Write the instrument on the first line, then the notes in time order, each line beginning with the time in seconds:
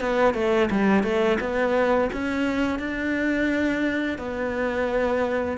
cello
0.00 B3
0.34 A3
0.70 G3
1.03 A3
1.40 B3
2.12 C#4
2.79 D4
4.18 B3